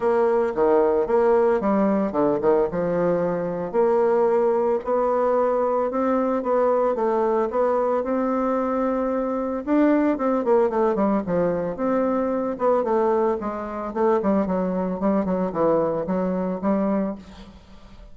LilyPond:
\new Staff \with { instrumentName = "bassoon" } { \time 4/4 \tempo 4 = 112 ais4 dis4 ais4 g4 | d8 dis8 f2 ais4~ | ais4 b2 c'4 | b4 a4 b4 c'4~ |
c'2 d'4 c'8 ais8 | a8 g8 f4 c'4. b8 | a4 gis4 a8 g8 fis4 | g8 fis8 e4 fis4 g4 | }